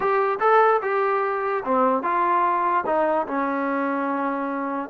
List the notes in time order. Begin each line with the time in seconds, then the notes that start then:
0.00 G4
0.40 A4
0.81 G4
1.64 C4
2.03 F4
2.86 D#4
3.27 C#4